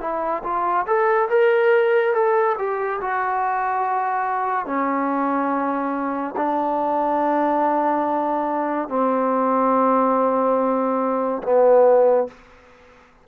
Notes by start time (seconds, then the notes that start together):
0.00 E4
0.43 F4
0.86 A4
1.29 A#4
2.13 A4
2.58 G4
3.01 F#4
4.65 C#4
6.36 D4
8.88 C4
11.43 B3